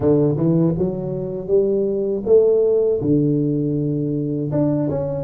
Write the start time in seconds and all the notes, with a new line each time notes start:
0.00 D3
0.36 E3
0.78 F#3
1.47 G3
2.25 A3
3.01 D3
4.51 D4
4.89 C#4